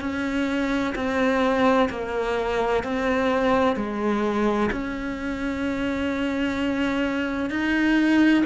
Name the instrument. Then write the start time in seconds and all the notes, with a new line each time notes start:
cello
0.00 C#4
0.95 C4
1.90 A#3
2.83 C4
3.76 G#3
4.71 C#4
7.50 D#4